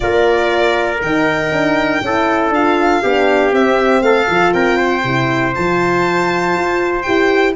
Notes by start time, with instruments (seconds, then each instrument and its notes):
0.00 tuba A#3, horn F4, trumpet A#4, violin D5
1.01 tuba D#3, horn D#4, violin G5
1.50 tuba D4
2.01 tuba C#4, horn E4, trumpet A4
2.49 tuba D4, horn F4, violin F5
3.02 tuba B3, horn D4, trumpet G4
3.52 tuba C4, horn C4, violin E5
4.01 tuba A3, trumpet A4, violin F5
4.26 tuba F3, horn F4
4.53 tuba C4, trumpet A#4, violin G5
4.77 trumpet C5
5.03 tuba C3, horn E4
5.55 tuba F3, horn F4, violin A5
6.55 tuba F4
7.02 tuba E4, horn G4, violin G5